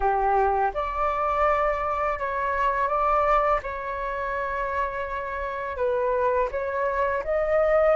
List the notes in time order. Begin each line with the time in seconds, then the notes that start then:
0.00 G4
0.74 D5
2.18 C#5
2.88 D5
3.62 C#5
5.76 B4
6.51 C#5
7.24 D#5